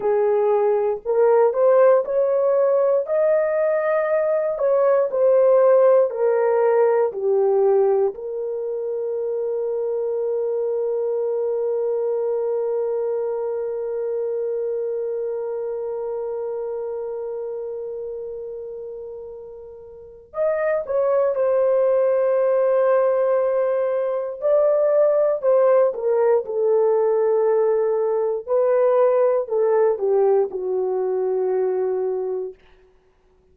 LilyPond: \new Staff \with { instrumentName = "horn" } { \time 4/4 \tempo 4 = 59 gis'4 ais'8 c''8 cis''4 dis''4~ | dis''8 cis''8 c''4 ais'4 g'4 | ais'1~ | ais'1~ |
ais'1 | dis''8 cis''8 c''2. | d''4 c''8 ais'8 a'2 | b'4 a'8 g'8 fis'2 | }